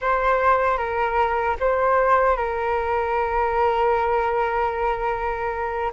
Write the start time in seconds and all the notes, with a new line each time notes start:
0.01 C5
0.77 A#4
1.60 C5
2.36 A#4